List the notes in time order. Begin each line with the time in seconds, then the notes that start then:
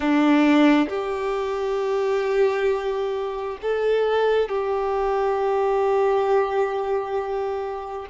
0.00 D4
0.88 G4
3.62 A4
4.48 G4